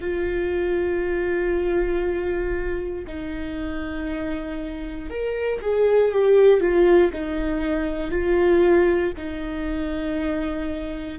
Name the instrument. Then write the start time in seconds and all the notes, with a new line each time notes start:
viola
0.00 F4
3.07 D#4
5.09 A#4
5.61 G#4
6.12 G4
6.61 F4
7.12 D#4
8.11 F4
9.17 D#4